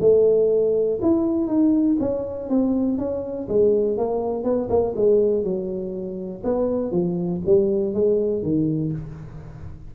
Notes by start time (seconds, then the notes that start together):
0.00 A3
1.02 E4
1.47 D#4
1.99 C#4
2.49 C4
2.98 C#4
3.48 G#3
3.97 A#3
4.43 B3
4.69 A#3
4.95 G#3
5.43 F#3
6.43 B3
6.91 F3
7.45 G3
7.93 G#3
8.42 D#3